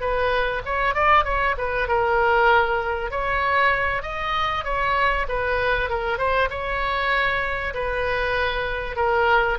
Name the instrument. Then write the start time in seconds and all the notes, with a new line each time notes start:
oboe
0.00 B4
0.65 C#5
0.94 D5
1.24 C#5
1.57 B4
1.88 A#4
3.10 C#5
4.02 D#5
4.64 C#5
5.28 B4
5.89 A#4
6.17 C5
6.49 C#5
7.74 B4
8.96 A#4